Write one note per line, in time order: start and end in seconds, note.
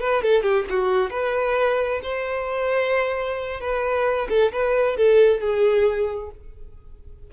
0.00 0.23 B4
0.23 0.42 A4
0.42 0.65 G4
0.70 1.11 F#4
1.11 2.01 B4
2.03 3.60 C5
3.60 4.28 B4
4.30 4.52 A4
4.53 4.97 B4
4.97 5.41 A4
5.41 6.31 G#4